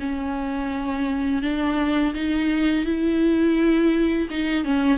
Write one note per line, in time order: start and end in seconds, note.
0.00 1.42 C#4
1.42 2.14 D4
2.14 2.85 D#4
2.85 4.28 E4
4.30 4.64 D#4
4.64 4.98 C#4